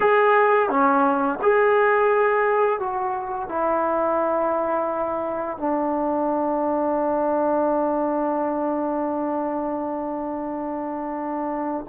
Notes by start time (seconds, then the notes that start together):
0.00 G#4
0.69 C#4
1.41 G#4
2.79 F#4
3.49 E4
5.57 D4